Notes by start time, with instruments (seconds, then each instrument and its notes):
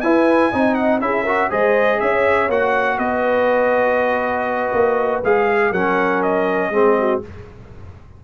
0.00 tuba E4, trombone E4, horn B4, trumpet G#5
0.51 tuba C4, trombone D#4, horn D#5
0.74 trumpet F#5
1.00 tuba C#4, trombone E4, horn G#4, trumpet E5
1.22 trombone F#4, horn A#4
1.50 tuba G#3, trombone G#4, horn C5, trumpet D#5
2.00 tuba C#4, horn C#5, trumpet E5
2.48 tuba A#3, trombone F#4, trumpet F#5
2.97 tuba B3, horn B4, trumpet D#5
4.73 tuba A#3
5.23 tuba G#3, trombone G#4, trumpet F5
5.70 tuba F#3, trombone C#4, horn A#4, trumpet F#5
6.22 trumpet D#5
6.70 tuba G#3, trombone C4, horn G#4
6.99 horn F#4